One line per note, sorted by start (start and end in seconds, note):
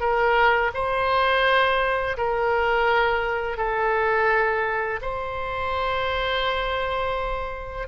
0.00 0.71 A#4
0.74 2.17 C5
2.17 3.57 A#4
3.57 5.00 A4
5.02 7.87 C5